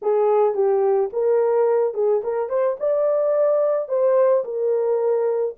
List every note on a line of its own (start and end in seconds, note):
0.02 0.54 G#4
0.54 1.10 G4
1.12 1.93 A#4
1.93 2.21 G#4
2.23 2.48 A#4
2.48 2.76 C5
2.79 3.88 D5
3.88 4.43 C5
4.44 5.55 A#4